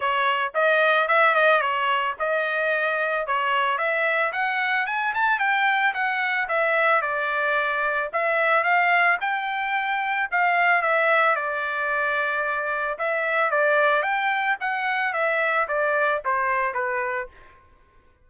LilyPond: \new Staff \with { instrumentName = "trumpet" } { \time 4/4 \tempo 4 = 111 cis''4 dis''4 e''8 dis''8 cis''4 | dis''2 cis''4 e''4 | fis''4 gis''8 a''8 g''4 fis''4 | e''4 d''2 e''4 |
f''4 g''2 f''4 | e''4 d''2. | e''4 d''4 g''4 fis''4 | e''4 d''4 c''4 b'4 | }